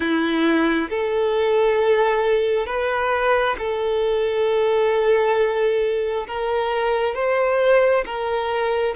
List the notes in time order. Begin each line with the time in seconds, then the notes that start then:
0.00 E4
0.90 A4
2.66 B4
3.58 A4
6.27 A#4
7.14 C5
8.05 A#4